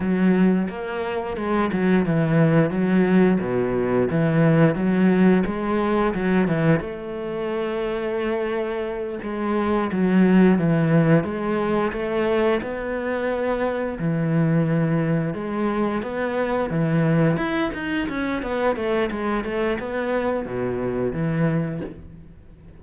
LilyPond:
\new Staff \with { instrumentName = "cello" } { \time 4/4 \tempo 4 = 88 fis4 ais4 gis8 fis8 e4 | fis4 b,4 e4 fis4 | gis4 fis8 e8 a2~ | a4. gis4 fis4 e8~ |
e8 gis4 a4 b4.~ | b8 e2 gis4 b8~ | b8 e4 e'8 dis'8 cis'8 b8 a8 | gis8 a8 b4 b,4 e4 | }